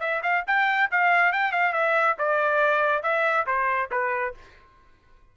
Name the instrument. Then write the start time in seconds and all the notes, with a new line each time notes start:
trumpet
0.00 E5
0.23 F5
0.47 G5
0.91 F5
1.32 G5
1.52 F5
1.73 E5
2.18 D5
3.03 E5
3.46 C5
3.91 B4